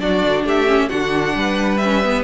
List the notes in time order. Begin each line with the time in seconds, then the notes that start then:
0.00 F#3 D4 F#4 D5
0.25 D3
0.44 A3 G4 E5
0.66 C#4
0.89 D3 D4 F#4 F#5
1.35 G3 B4
1.77 C#4 E5
2.04 B3